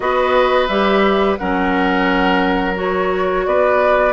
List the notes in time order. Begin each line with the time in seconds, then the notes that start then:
0.00 B3 F#4 B4 D#5
0.67 G3 G4 E5
1.37 F#3 C#4 A#4 F#5
2.74 F#4 C#5
3.46 B3 B4 D5